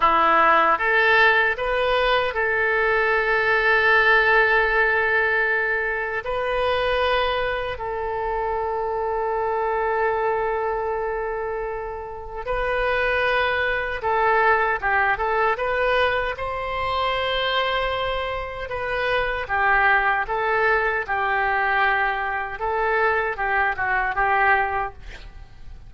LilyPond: \new Staff \with { instrumentName = "oboe" } { \time 4/4 \tempo 4 = 77 e'4 a'4 b'4 a'4~ | a'1 | b'2 a'2~ | a'1 |
b'2 a'4 g'8 a'8 | b'4 c''2. | b'4 g'4 a'4 g'4~ | g'4 a'4 g'8 fis'8 g'4 | }